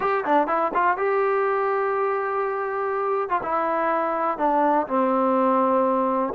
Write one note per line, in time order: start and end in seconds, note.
0.00 0.24 G4
0.24 0.47 D4
0.47 0.71 E4
0.74 0.97 F4
0.97 3.29 G4
3.29 3.41 F4
3.42 4.37 E4
4.37 4.86 D4
4.87 6.33 C4